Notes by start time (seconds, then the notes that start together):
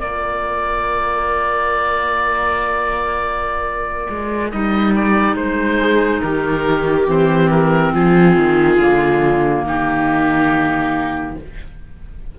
0.00 A#3 F4 A#4 D5
4.10 G#3
4.51 G3 D#4 D#5
4.95 D5
5.36 G#3 C5
5.79 G#4
6.22 D#3 G4 A#4
7.07 E3 C4 C5
7.51 A#4
7.93 F3 F4 G#4
8.37 D#3
8.78 D3 A#3
9.64 D#3 D#4 G4